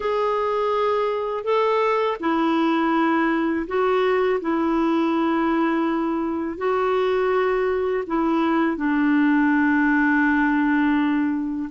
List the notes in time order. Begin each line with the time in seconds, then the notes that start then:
0.00 G#4
1.44 A4
2.20 E4
3.67 F#4
4.40 E4
6.57 F#4
8.06 E4
8.76 D4